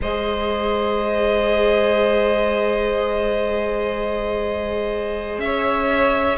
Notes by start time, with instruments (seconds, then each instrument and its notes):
0.01 cello G#3, viola G#4, violin C5 D#5
5.38 cello C#4, violin C#5 E5